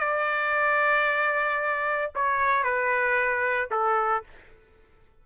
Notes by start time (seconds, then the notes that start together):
0.00 D5
2.16 C#5
2.64 B4
3.71 A4